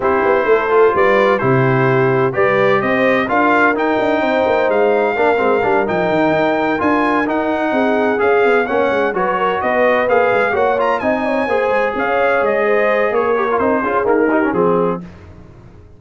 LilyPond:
<<
  \new Staff \with { instrumentName = "trumpet" } { \time 4/4 \tempo 4 = 128 c''2 d''4 c''4~ | c''4 d''4 dis''4 f''4 | g''2 f''2~ | f''8 g''2 gis''4 fis''8~ |
fis''4. f''4 fis''4 cis''8~ | cis''8 dis''4 f''4 fis''8 ais''8 gis''8~ | gis''4. f''4 dis''4. | cis''4 c''4 ais'4 gis'4 | }
  \new Staff \with { instrumentName = "horn" } { \time 4/4 g'4 a'4 b'4 g'4~ | g'4 b'4 c''4 ais'4~ | ais'4 c''2 ais'4~ | ais'1~ |
ais'8 gis'2 cis''4 b'8 | ais'8 b'2 cis''4 dis''8 | cis''8 c''4 cis''4. c''4 | ais'4. gis'4 g'8 gis'4 | }
  \new Staff \with { instrumentName = "trombone" } { \time 4/4 e'4. f'4. e'4~ | e'4 g'2 f'4 | dis'2. d'8 c'8 | d'8 dis'2 f'4 dis'8~ |
dis'4. gis'4 cis'4 fis'8~ | fis'4. gis'4 fis'8 f'8 dis'8~ | dis'8 gis'2.~ gis'8~ | gis'8 g'16 f'16 dis'8 f'8 ais8 dis'16 cis'16 c'4 | }
  \new Staff \with { instrumentName = "tuba" } { \time 4/4 c'8 b8 a4 g4 c4~ | c4 g4 c'4 d'4 | dis'8 d'8 c'8 ais8 gis4 ais8 gis8 | g8 f8 dis8 dis'4 d'4 dis'8~ |
dis'8 c'4 cis'8 b8 ais8 gis8 fis8~ | fis8 b4 ais8 gis8 ais4 c'8~ | c'8 ais8 gis8 cis'4 gis4. | ais4 c'8 cis'8 dis'4 f4 | }
>>